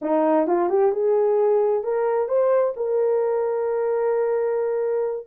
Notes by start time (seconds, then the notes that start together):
0.01 D#4
0.47 F4
0.69 G4
0.92 G#4
1.83 A#4
2.28 C5
2.76 A#4